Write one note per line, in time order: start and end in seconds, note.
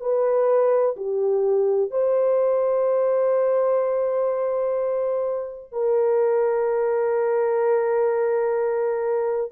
0.00 0.95 B4
0.96 1.90 G4
1.90 5.71 C5
5.71 9.52 A#4